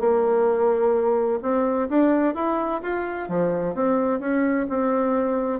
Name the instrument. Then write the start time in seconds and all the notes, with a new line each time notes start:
bassoon
0.00 A#3
1.42 C4
1.89 D4
2.35 E4
2.82 F4
3.29 F3
3.75 C4
4.20 C#4
4.69 C4